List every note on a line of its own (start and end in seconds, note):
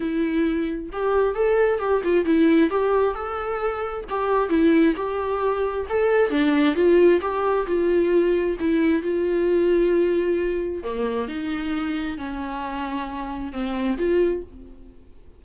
0.00 0.90 E4
0.92 1.35 G4
1.35 1.79 A4
1.79 2.02 G4
2.04 2.25 F4
2.25 2.70 E4
2.70 3.14 G4
3.14 4.04 A4
4.09 4.49 G4
4.49 4.94 E4
4.96 5.86 G4
5.89 6.30 A4
6.30 6.75 D4
6.75 7.20 F4
7.21 7.66 G4
7.66 8.57 F4
8.59 9.02 E4
9.02 10.83 F4
10.83 11.28 A#3
11.28 12.17 D#4
12.17 13.52 C#4
13.52 13.97 C4
13.97 14.42 F4